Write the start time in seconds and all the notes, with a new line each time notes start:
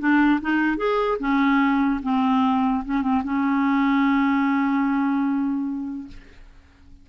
0.00 D4
0.41 D#4
0.78 G#4
1.20 C#4
2.03 C4
2.86 C#4
3.03 C4
3.24 C#4